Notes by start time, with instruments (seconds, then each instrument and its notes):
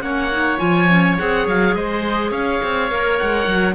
0.00 cello A#3, clarinet C#4, oboe C#5 F#5
0.30 clarinet D#4
0.57 cello F3, clarinet F4, oboe G#5
0.89 clarinet C#4
1.18 cello C4, clarinet G#4, oboe F#5
1.47 cello F#3, oboe F5
1.74 cello G#3, oboe C5 D#5
2.31 cello C#4, oboe C#5 F5
2.62 cello C4
2.89 cello A#3, clarinet A#4
3.18 cello G#3, oboe F#5
3.46 cello F#3